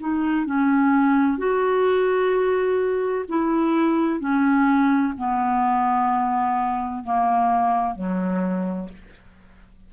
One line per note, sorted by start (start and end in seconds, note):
0.00 0.46 D#4
0.46 1.38 C#4
1.38 3.26 F#4
3.29 4.20 E4
4.20 5.14 C#4
5.18 7.04 B3
7.04 7.96 A#3
7.96 8.89 F#3